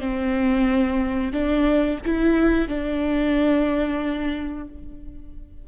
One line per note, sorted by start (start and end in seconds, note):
0.00 1.32 C4
1.32 1.99 D4
2.05 2.68 E4
2.68 4.68 D4